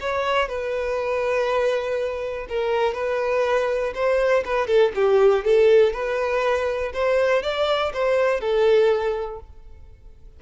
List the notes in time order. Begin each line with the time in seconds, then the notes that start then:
0.00 C#5
0.48 B4
2.49 A#4
2.94 B4
3.94 C5
4.45 B4
4.67 A4
4.95 G4
5.45 A4
5.93 B4
6.93 C5
7.42 D5
7.93 C5
8.40 A4